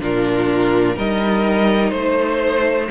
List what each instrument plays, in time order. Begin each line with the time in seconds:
0.00 cello A#2, viola D4, violin F4 A#4
0.95 cello G3, viola D#4, violin A#4 D#5
1.90 cello A3, violin C5
1.96 violin C5